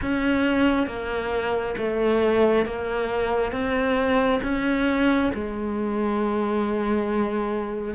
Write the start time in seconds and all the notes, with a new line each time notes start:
0.01 C#4
0.86 A#3
1.77 A3
2.65 A#3
3.51 C4
4.42 C#4
5.34 G#3